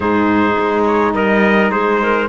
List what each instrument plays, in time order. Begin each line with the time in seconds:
0.00 cello G#2, saxophone D#4, clarinet G#4, trumpet C5
0.58 cello G#3
0.85 trumpet C#5
1.14 cello G3, clarinet A#4, trumpet D#5
1.71 cello G#3, clarinet G#4, trumpet C5
2.02 clarinet A#4